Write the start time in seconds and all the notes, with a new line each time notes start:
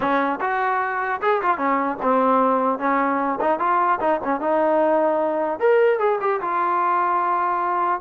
0.00 C#4
0.41 F#4
1.21 G#4
1.42 F4
1.57 C#4
2.02 C4
2.78 C#4
3.41 D#4
3.59 F4
4.00 D#4
4.24 C#4
4.40 D#4
5.59 A#4
5.99 G#4
6.20 G4
6.41 F4